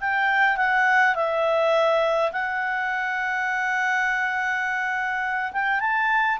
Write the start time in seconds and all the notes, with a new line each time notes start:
0.00 G5
0.57 F#5
1.15 E5
2.31 F#5
5.52 G5
5.80 A5